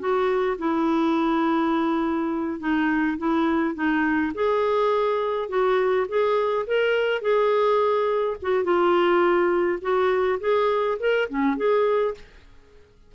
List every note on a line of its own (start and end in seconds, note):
0.00 0.58 F#4
0.59 2.60 E4
2.60 3.18 D#4
3.18 3.75 E4
3.75 4.33 D#4
4.35 5.49 G#4
5.49 6.07 F#4
6.09 6.66 G#4
6.67 7.22 A#4
7.22 8.37 G#4
8.42 8.64 F#4
8.64 9.79 F4
9.82 10.40 F#4
10.41 10.98 G#4
11.00 11.29 A#4
11.29 11.57 C#4
11.57 12.15 G#4